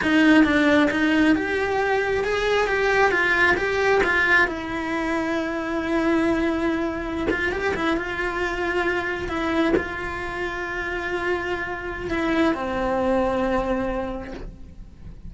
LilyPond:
\new Staff \with { instrumentName = "cello" } { \time 4/4 \tempo 4 = 134 dis'4 d'4 dis'4 g'4~ | g'4 gis'4 g'4 f'4 | g'4 f'4 e'2~ | e'1~ |
e'16 f'8 g'8 e'8 f'2~ f'16~ | f'8. e'4 f'2~ f'16~ | f'2. e'4 | c'1 | }